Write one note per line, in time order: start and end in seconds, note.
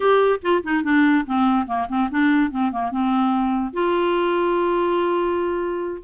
0.00 0.39 G4
0.42 0.63 F4
0.63 0.83 D#4
0.83 1.25 D4
1.26 1.66 C4
1.66 1.87 A#3
1.88 2.09 C4
2.10 2.50 D4
2.50 2.71 C4
2.71 2.91 A#3
2.91 3.73 C4
3.73 6.02 F4